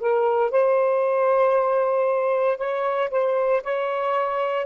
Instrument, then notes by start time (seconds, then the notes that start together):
saxophone
0.00 A#4
0.51 C5
2.58 C#5
3.10 C5
3.63 C#5